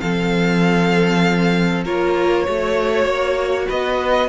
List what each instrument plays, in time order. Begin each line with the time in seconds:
0.00 cello F3, viola C4, violin A4 F5
1.85 cello A#3, viola F4, violin A#4 C#5
2.44 cello A3, viola F#4, violin C#5
3.06 cello A#3
3.68 cello B3, violin B4 D#5